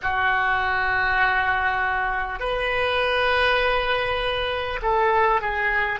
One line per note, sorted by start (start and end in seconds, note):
0.02 2.39 F#4
2.39 4.79 B4
4.82 5.41 A4
5.41 5.99 G#4